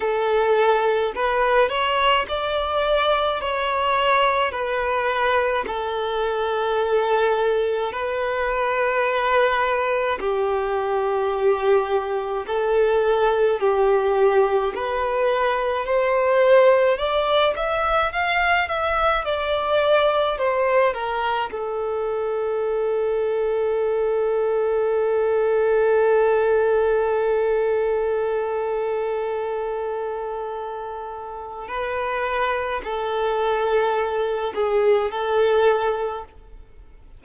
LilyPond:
\new Staff \with { instrumentName = "violin" } { \time 4/4 \tempo 4 = 53 a'4 b'8 cis''8 d''4 cis''4 | b'4 a'2 b'4~ | b'4 g'2 a'4 | g'4 b'4 c''4 d''8 e''8 |
f''8 e''8 d''4 c''8 ais'8 a'4~ | a'1~ | a'1 | b'4 a'4. gis'8 a'4 | }